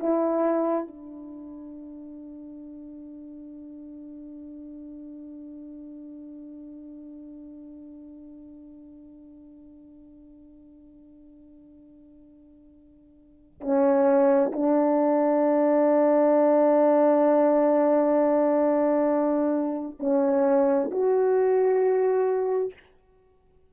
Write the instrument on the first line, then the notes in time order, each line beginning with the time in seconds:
horn
0.00 E4
0.88 D4
13.61 C#4
14.53 D4
20.00 C#4
20.92 F#4